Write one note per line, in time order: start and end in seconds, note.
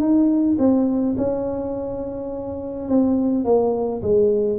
0.00 0.57 D#4
0.59 1.16 C4
1.18 2.89 C#4
2.89 3.45 C4
3.45 4.02 A#3
4.03 4.59 G#3